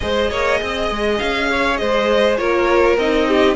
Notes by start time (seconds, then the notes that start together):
0.00 G#3 G#4 C5 D#5
0.30 A#3 C#5
0.60 C4 D#5
0.90 G#3
1.18 C#4 F5
1.50 C#5
1.77 G#3 C5 D#5
2.37 A#3 F4 A#4 C#5
2.97 C4 D#4 D#5
3.27 G4